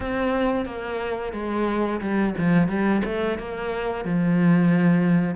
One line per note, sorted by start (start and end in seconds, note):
0.00 0.65 C4
0.65 1.33 A#3
1.33 2.00 G#3
2.00 2.34 G3
2.37 2.68 F3
2.68 3.02 G3
3.05 3.38 A3
3.38 4.04 A#3
4.04 5.35 F3